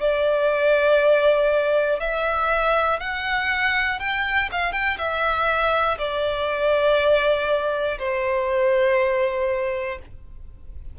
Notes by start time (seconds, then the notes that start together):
0.00 D5
2.00 E5
2.99 F#5
3.99 G5
4.52 F5
4.72 G5
4.97 E5
5.98 D5
7.98 C5